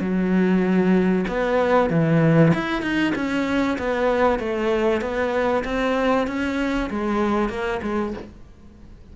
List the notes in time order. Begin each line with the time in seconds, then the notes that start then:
0.00 F#3
1.28 B3
1.90 E3
2.54 E4
2.82 D#4
3.15 C#4
3.78 B3
4.39 A3
5.01 B3
5.64 C4
6.27 C#4
6.90 G#3
7.49 A#3
7.82 G#3